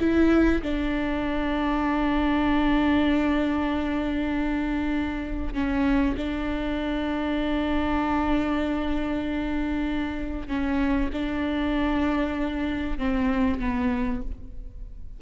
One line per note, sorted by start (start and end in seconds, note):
0.00 0.62 E4
0.62 5.54 D4
5.54 6.16 C#4
6.17 10.48 D4
10.48 11.10 C#4
11.13 12.98 D4
12.98 13.60 C4
13.60 14.22 B3